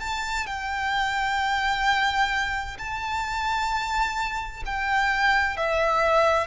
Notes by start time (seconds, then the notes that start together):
0.00 A5
0.47 G5
2.78 A5
4.65 G5
5.57 E5